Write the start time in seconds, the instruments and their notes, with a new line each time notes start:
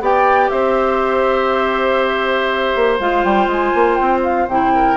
0.00 bassoon B3, clarinet G4, oboe D5, flute G5
0.49 bassoon C4, oboe C5, flute E5
2.75 bassoon A#3
2.99 bassoon G#3, clarinet F4, flute F5
3.24 bassoon G3, flute G5
3.46 bassoon G#3, flute G#5
3.74 bassoon A#3
3.94 bassoon C4, flute G5
4.23 flute F5
4.47 bassoon C3, clarinet E4, flute G5
4.75 oboe A#4